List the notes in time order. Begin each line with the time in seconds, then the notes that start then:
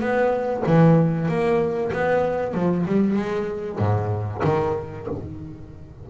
0.00 B3
0.66 E3
1.28 A#3
1.92 B3
2.54 F3
2.86 G3
3.16 G#3
3.78 G#2
4.44 D#3